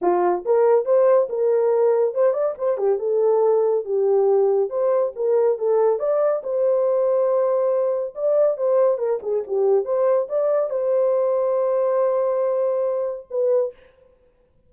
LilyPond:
\new Staff \with { instrumentName = "horn" } { \time 4/4 \tempo 4 = 140 f'4 ais'4 c''4 ais'4~ | ais'4 c''8 d''8 c''8 g'8 a'4~ | a'4 g'2 c''4 | ais'4 a'4 d''4 c''4~ |
c''2. d''4 | c''4 ais'8 gis'8 g'4 c''4 | d''4 c''2.~ | c''2. b'4 | }